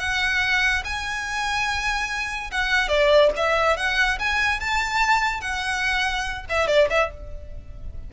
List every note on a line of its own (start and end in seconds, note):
0.00 0.83 F#5
0.85 2.51 G#5
2.52 2.89 F#5
2.89 3.30 D5
3.37 3.77 E5
3.77 4.19 F#5
4.20 4.60 G#5
4.60 5.41 A5
5.41 6.45 F#5
6.49 6.68 E5
6.68 6.88 D5
6.90 7.11 E5